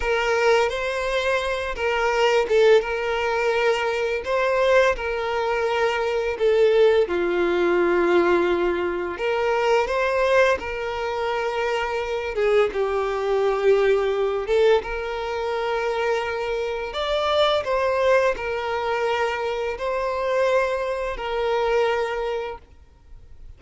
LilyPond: \new Staff \with { instrumentName = "violin" } { \time 4/4 \tempo 4 = 85 ais'4 c''4. ais'4 a'8 | ais'2 c''4 ais'4~ | ais'4 a'4 f'2~ | f'4 ais'4 c''4 ais'4~ |
ais'4. gis'8 g'2~ | g'8 a'8 ais'2. | d''4 c''4 ais'2 | c''2 ais'2 | }